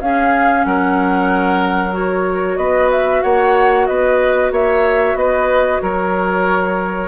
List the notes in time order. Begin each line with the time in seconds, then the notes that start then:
0.00 C#4 G#4 F5
0.65 F#3 A#4 F#5
1.90 F#4 C#5
2.57 B3 B4 D#5
2.91 E5
3.22 A#3 C#5 F#5
3.86 B3 B4 D#5
4.51 A#3 C#5 E5
5.14 B3 B4 D#5
5.82 F#3 A#4 C#5